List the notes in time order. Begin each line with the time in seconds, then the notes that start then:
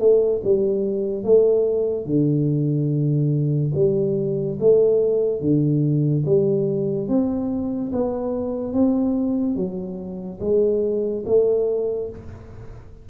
0.00 A3
0.44 G3
1.24 A3
2.06 D3
3.75 G3
4.60 A3
5.41 D3
6.26 G3
7.08 C4
7.92 B3
8.73 C4
9.56 F#3
10.41 G#3
11.26 A3